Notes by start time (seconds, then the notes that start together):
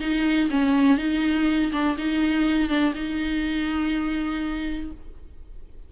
0.00 D#4
0.50 C#4
0.97 D#4
1.72 D4
1.98 D#4
2.69 D4
2.94 D#4